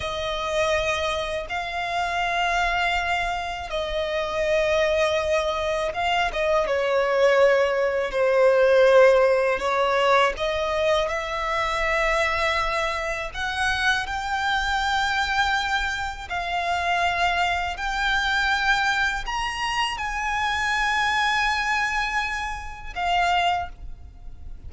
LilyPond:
\new Staff \with { instrumentName = "violin" } { \time 4/4 \tempo 4 = 81 dis''2 f''2~ | f''4 dis''2. | f''8 dis''8 cis''2 c''4~ | c''4 cis''4 dis''4 e''4~ |
e''2 fis''4 g''4~ | g''2 f''2 | g''2 ais''4 gis''4~ | gis''2. f''4 | }